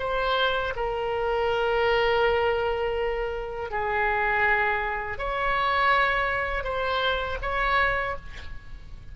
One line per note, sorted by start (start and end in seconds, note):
0.00 0.74 C5
0.76 3.71 A#4
3.71 5.19 G#4
5.19 6.64 C#5
6.64 7.38 C5
7.42 8.16 C#5